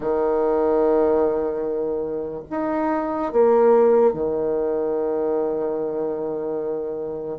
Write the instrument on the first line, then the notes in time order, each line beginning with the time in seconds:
bassoon
0.00 D#3
2.50 D#4
3.32 A#3
4.13 D#3